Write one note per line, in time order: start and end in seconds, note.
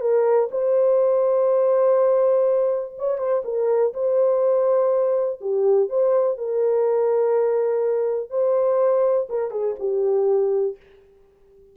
0.00 0.49 A#4
0.51 2.95 C5
2.98 3.18 C#5
3.18 3.42 C5
3.44 3.93 A#4
3.93 5.40 C5
5.40 5.89 G4
5.89 6.37 C5
6.37 8.30 A#4
8.30 9.27 C5
9.29 9.51 A#4
9.51 9.75 G#4
9.79 10.76 G4